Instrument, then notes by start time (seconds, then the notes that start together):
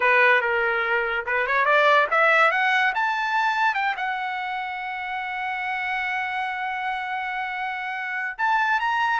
trumpet
0.00 B4
0.41 A#4
1.26 B4
1.46 C#5
1.65 D5
2.10 E5
2.51 F#5
2.95 A5
3.74 G5
3.97 F#5
8.38 A5
8.80 A#5